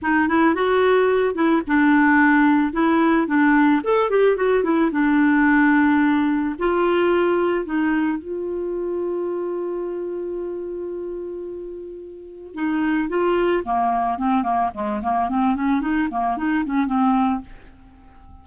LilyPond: \new Staff \with { instrumentName = "clarinet" } { \time 4/4 \tempo 4 = 110 dis'8 e'8 fis'4. e'8 d'4~ | d'4 e'4 d'4 a'8 g'8 | fis'8 e'8 d'2. | f'2 dis'4 f'4~ |
f'1~ | f'2. dis'4 | f'4 ais4 c'8 ais8 gis8 ais8 | c'8 cis'8 dis'8 ais8 dis'8 cis'8 c'4 | }